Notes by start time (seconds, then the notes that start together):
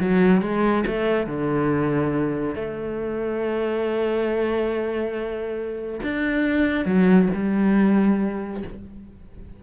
0.00 F#3
0.41 G#3
0.87 A3
1.27 D3
2.55 A3
6.03 D4
6.85 F#3
7.34 G3